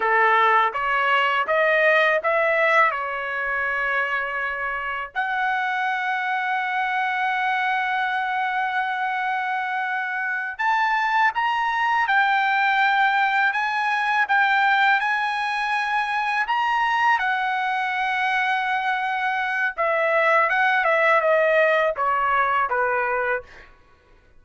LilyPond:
\new Staff \with { instrumentName = "trumpet" } { \time 4/4 \tempo 4 = 82 a'4 cis''4 dis''4 e''4 | cis''2. fis''4~ | fis''1~ | fis''2~ fis''8 a''4 ais''8~ |
ais''8 g''2 gis''4 g''8~ | g''8 gis''2 ais''4 fis''8~ | fis''2. e''4 | fis''8 e''8 dis''4 cis''4 b'4 | }